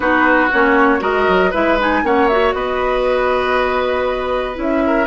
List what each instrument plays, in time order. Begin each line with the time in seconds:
0.00 bassoon B3, clarinet D#4, oboe F#4, flute B4
0.51 bassoon A#3, clarinet C#4, flute C#5
0.99 bassoon G#3, clarinet F#4, oboe A#4, flute D#5
1.27 bassoon F#3
1.50 bassoon G#3, clarinet E4, oboe B4, flute E5
1.79 clarinet D#4, flute G#5
2.03 bassoon A#3, clarinet C#4, oboe C#5, flute F#5
2.27 clarinet F#4, flute E5
2.53 bassoon B3, oboe B4, flute D#5
4.54 bassoon C#4, clarinet E4
4.61 flute E5
4.86 oboe A#4